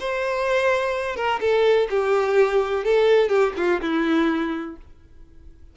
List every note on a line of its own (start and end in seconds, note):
0.00 1.16 C5
1.16 1.40 A#4
1.41 1.88 A4
1.90 2.84 G4
2.84 3.29 A4
3.29 3.53 G4
3.57 3.81 F4
3.81 4.77 E4